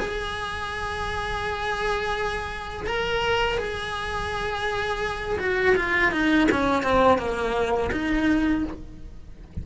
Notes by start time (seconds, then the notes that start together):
0.00 G#4
2.87 A#4
3.58 G#4
5.40 F#4
5.76 F4
6.12 D#4
6.52 C#4
6.83 C4
7.19 A#3
7.92 D#4